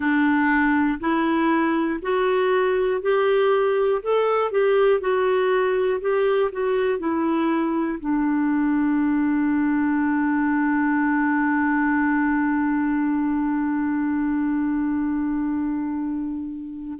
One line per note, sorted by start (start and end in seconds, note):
0.00 0.99 D4
1.00 2.00 E4
2.01 3.01 F#4
3.01 4.01 G4
4.02 4.50 A4
4.50 5.00 G4
5.00 6.00 F#4
6.00 6.50 G4
6.52 6.99 F#4
6.99 7.99 E4
7.99 16.99 D4